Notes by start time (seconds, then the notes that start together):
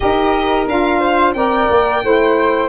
0.00 D#4 G4 A#4 D#5
0.67 D4 F4 F5
1.00 C5
1.33 C4 A#4 D5 G5
1.70 A#3
2.02 A3 E4 C5